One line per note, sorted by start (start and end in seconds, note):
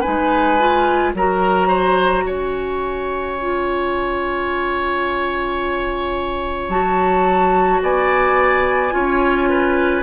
0.00 0.59 D#4
0.00 1.11 B4
0.00 1.12 G#5
0.07 1.14 G#3
0.59 1.14 F4
1.14 2.24 F#3
1.14 3.38 F#4
1.14 1.68 A#4
1.14 2.28 A#5
1.68 2.23 C5
2.24 6.68 C#4
2.24 7.82 C#5
2.24 6.69 G#5
3.38 6.70 F4
6.69 7.80 F#3
6.69 8.91 F#4
6.69 7.80 A5
7.82 8.93 B3
7.82 8.94 D5
7.82 10.03 G#5
8.91 10.03 C#4
8.91 10.02 F4
8.91 9.49 C#5
9.49 10.03 B4